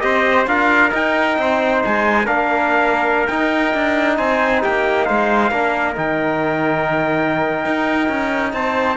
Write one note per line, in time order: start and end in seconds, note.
0.00 0.47 C4
0.00 0.46 G4
0.00 0.49 C5
0.00 0.45 D#5
0.46 0.92 D4
0.46 0.90 F4
0.46 1.38 A#4
0.46 0.92 F5
0.90 2.25 D#4
0.90 1.38 D#4
0.90 1.84 G5
1.38 1.83 C4
1.38 2.25 C5
1.84 2.27 G#3
1.84 2.26 G#5
2.25 3.28 A#3
2.25 3.27 D4
2.25 4.15 A#4
2.25 3.27 F5
3.27 3.74 D#4
3.27 5.51 D#4
3.27 4.16 G5
3.74 4.18 D4
4.17 4.63 C4
4.17 4.62 C5
4.17 4.61 G#5
4.62 5.09 A#3
4.62 5.06 G4
4.62 5.04 G5
5.04 5.51 G#3
5.04 5.50 C5
5.04 5.94 F5
5.50 5.96 A#3
5.50 5.95 D4
5.50 8.53 A#4
5.95 7.65 D#3
5.95 8.97 D#4
5.95 8.53 G5
7.65 8.08 D#4
8.08 8.53 C#4
8.53 8.97 C4
8.53 8.97 C5
8.53 8.97 A5